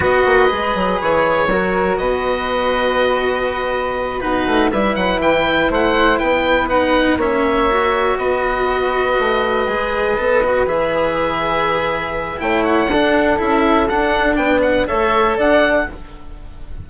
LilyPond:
<<
  \new Staff \with { instrumentName = "oboe" } { \time 4/4 \tempo 4 = 121 dis''2 cis''2 | dis''1~ | dis''8 b'4 e''8 fis''8 g''4 fis''8~ | fis''8 g''4 fis''4 e''4.~ |
e''8 dis''2.~ dis''8~ | dis''4. e''2~ e''8~ | e''4 g''8 fis''4. e''4 | fis''4 g''8 fis''8 e''4 fis''4 | }
  \new Staff \with { instrumentName = "flute" } { \time 4/4 b'2. ais'4 | b'1~ | b'8 fis'4 b'2 c''8~ | c''8 b'2 cis''4.~ |
cis''8 b'2.~ b'8~ | b'1~ | b'4 cis''4 a'2~ | a'4 b'4 cis''4 d''4 | }
  \new Staff \with { instrumentName = "cello" } { \time 4/4 fis'4 gis'2 fis'4~ | fis'1~ | fis'8 dis'4 e'2~ e'8~ | e'4. dis'4 cis'4 fis'8~ |
fis'2.~ fis'8 gis'8~ | gis'8 a'8 fis'8 gis'2~ gis'8~ | gis'4 e'4 d'4 e'4 | d'2 a'2 | }
  \new Staff \with { instrumentName = "bassoon" } { \time 4/4 b8 ais8 gis8 fis8 e4 fis4 | b,1~ | b,8 b8 a8 g8 fis8 e4 a8~ | a8 b2 ais4.~ |
ais8 b2 a4 gis8~ | gis8 b4 e2~ e8~ | e4 a4 d'4 cis'4 | d'4 b4 a4 d'4 | }
>>